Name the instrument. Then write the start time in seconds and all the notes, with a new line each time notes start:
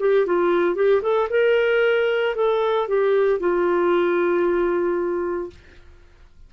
clarinet
0.00 G4
0.26 F4
0.76 G4
1.02 A4
1.30 A#4
2.35 A4
2.89 G4
3.40 F4